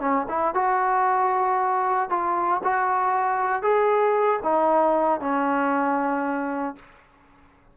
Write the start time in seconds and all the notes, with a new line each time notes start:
0.00 C#4
0.29 E4
0.54 F#4
2.09 F4
2.64 F#4
3.62 G#4
4.43 D#4
5.20 C#4